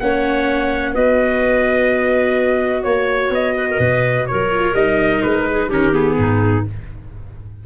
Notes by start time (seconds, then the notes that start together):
0.00 A#3 C#4 C#5 F#5
0.93 B3 F#4 B4 D#5
2.84 A#3 C#5
3.30 B3 D#5
3.56 B4
3.71 A#4
3.79 B2 B4
4.27 F#3 A#4 C#5
4.50 F4
4.74 G3 D#4 D#5
5.23 G#3 B4
5.52 G#4
5.68 D#3 C#4 G4 A#4
5.93 B3 G#4
6.18 G#2 D#4